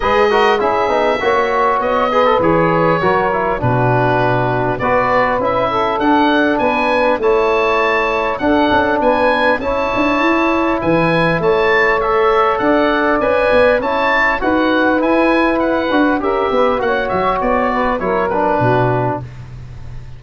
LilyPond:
<<
  \new Staff \with { instrumentName = "oboe" } { \time 4/4 \tempo 4 = 100 dis''4 e''2 dis''4 | cis''2 b'2 | d''4 e''4 fis''4 gis''4 | a''2 fis''4 gis''4 |
a''2 gis''4 a''4 | e''4 fis''4 gis''4 a''4 | fis''4 gis''4 fis''4 e''4 | fis''8 e''8 d''4 cis''8 b'4. | }
  \new Staff \with { instrumentName = "saxophone" } { \time 4/4 b'8 ais'8 gis'4 cis''4. b'8~ | b'4 ais'4 fis'2 | b'4. a'4. b'4 | cis''2 a'4 b'4 |
cis''2 b'4 cis''4~ | cis''4 d''2 cis''4 | b'2. ais'8 b'8 | cis''4. b'8 ais'4 fis'4 | }
  \new Staff \with { instrumentName = "trombone" } { \time 4/4 gis'8 fis'8 e'8 dis'8 fis'4. gis'16 a'16 | gis'4 fis'8 e'8 d'2 | fis'4 e'4 d'2 | e'2 d'2 |
e'1 | a'2 b'4 e'4 | fis'4 e'4. fis'8 g'4 | fis'2 e'8 d'4. | }
  \new Staff \with { instrumentName = "tuba" } { \time 4/4 gis4 cis'8 b8 ais4 b4 | e4 fis4 b,2 | b4 cis'4 d'4 b4 | a2 d'8 cis'8 b4 |
cis'8 d'8 e'4 e4 a4~ | a4 d'4 cis'8 b8 cis'4 | dis'4 e'4. d'8 cis'8 b8 | ais8 fis8 b4 fis4 b,4 | }
>>